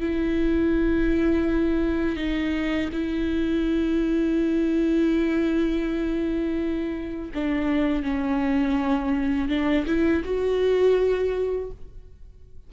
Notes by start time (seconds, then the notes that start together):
0.00 E4
2.17 D#4
2.92 E4
7.34 D4
8.03 C#4
9.49 D4
9.86 E4
10.24 F#4